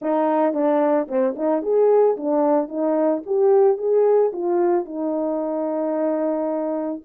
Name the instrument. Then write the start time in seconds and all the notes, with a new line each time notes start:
horn
0.01 D#4
0.53 D4
1.07 C4
1.36 D#4
1.62 G#4
2.16 D4
2.68 D#4
3.26 G4
3.77 G#4
4.32 F4
4.85 D#4